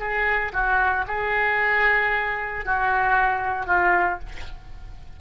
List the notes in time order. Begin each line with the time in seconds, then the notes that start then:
0.00 G#4
0.53 F#4
1.08 G#4
2.66 F#4
3.67 F4